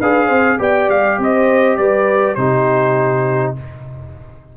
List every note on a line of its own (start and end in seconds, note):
0.00 0.30 D4
0.00 0.59 G#4
0.00 0.27 B4
0.00 0.61 F5
0.27 0.60 C4
0.27 0.57 C5
0.59 0.89 B3
0.59 2.37 G4
0.59 1.20 D5
0.59 0.90 G5
0.89 1.19 G3
0.89 1.20 F5
1.19 1.79 C4
1.19 1.79 C5
1.19 1.77 D#5
1.77 2.37 G3
1.77 2.38 B4
1.77 2.35 D5
2.35 3.56 C3
2.35 3.57 D#4
2.35 3.57 G4
2.35 3.54 C5